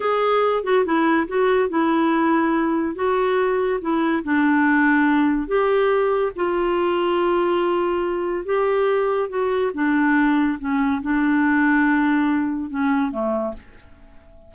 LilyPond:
\new Staff \with { instrumentName = "clarinet" } { \time 4/4 \tempo 4 = 142 gis'4. fis'8 e'4 fis'4 | e'2. fis'4~ | fis'4 e'4 d'2~ | d'4 g'2 f'4~ |
f'1 | g'2 fis'4 d'4~ | d'4 cis'4 d'2~ | d'2 cis'4 a4 | }